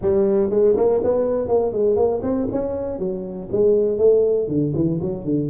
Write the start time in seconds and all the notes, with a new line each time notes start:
0.01 G3
0.50 G#3
0.76 A#3
1.03 B3
1.47 A#3
1.72 G#3
1.95 A#3
2.22 C4
2.51 C#4
2.98 F#3
3.51 G#3
3.98 A3
4.47 D3
4.75 E3
5.01 F#3
5.24 D3